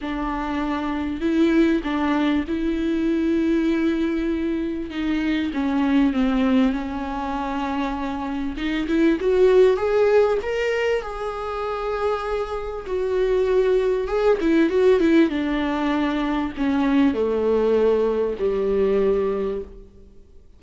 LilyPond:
\new Staff \with { instrumentName = "viola" } { \time 4/4 \tempo 4 = 98 d'2 e'4 d'4 | e'1 | dis'4 cis'4 c'4 cis'4~ | cis'2 dis'8 e'8 fis'4 |
gis'4 ais'4 gis'2~ | gis'4 fis'2 gis'8 e'8 | fis'8 e'8 d'2 cis'4 | a2 g2 | }